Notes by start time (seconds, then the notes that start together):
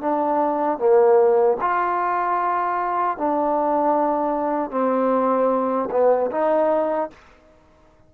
0.00 D4
0.78 A#3
1.61 F4
3.17 D4
4.71 C4
5.91 B3
6.31 D#4